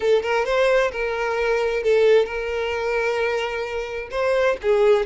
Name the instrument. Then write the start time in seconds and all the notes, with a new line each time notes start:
violin
0.00 A4
0.22 A#4
0.45 C5
0.91 A#4
1.83 A4
2.25 A#4
4.11 C5
4.62 G#4